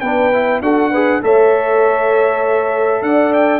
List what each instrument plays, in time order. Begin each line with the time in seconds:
0.00 tuba B3, trombone D4, horn B4, trumpet G5
0.32 trombone E4
0.60 tuba D4, trombone F#4, horn A4, trumpet F#5
0.90 trombone G#4, horn B4
1.22 tuba A3, trombone A4, horn C#5, trumpet E5
3.02 tuba D4, horn D5, trumpet F#5
3.33 trumpet G5